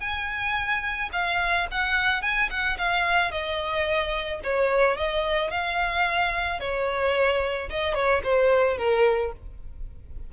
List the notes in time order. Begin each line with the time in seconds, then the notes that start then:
0.00 G#5
1.12 F5
1.71 F#5
2.21 G#5
2.50 F#5
2.77 F5
3.31 D#5
4.43 C#5
4.97 D#5
5.50 F5
6.60 C#5
7.69 D#5
7.94 C#5
8.23 C5
8.77 A#4